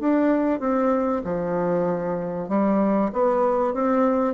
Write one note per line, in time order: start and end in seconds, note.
0.00 0.60 D4
0.60 1.22 C4
1.24 2.49 F3
2.49 3.11 G3
3.13 3.74 B3
3.74 4.34 C4